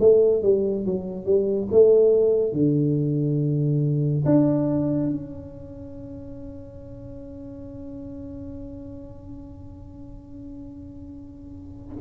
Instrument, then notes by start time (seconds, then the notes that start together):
tuba
0.00 A3
0.43 G3
0.85 F#3
1.25 G3
1.72 A3
2.53 D3
4.25 D4
5.10 C#4